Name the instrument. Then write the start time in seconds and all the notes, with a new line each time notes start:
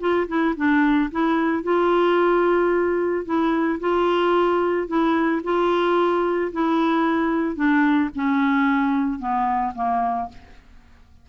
clarinet
0.00 F4
0.28 E4
0.57 D4
1.11 E4
1.63 F4
3.25 E4
3.80 F4
4.88 E4
5.44 F4
6.53 E4
7.56 D4
8.15 C#4
9.19 B3
9.75 A#3